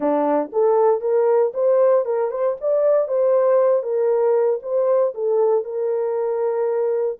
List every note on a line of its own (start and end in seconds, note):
0.00 0.50 D4
0.52 1.00 A4
1.00 1.52 A#4
1.54 2.05 C5
2.05 2.30 A#4
2.30 2.56 C5
2.60 3.08 D5
3.08 3.83 C5
3.83 4.59 A#4
4.62 5.13 C5
5.14 5.64 A4
5.64 7.18 A#4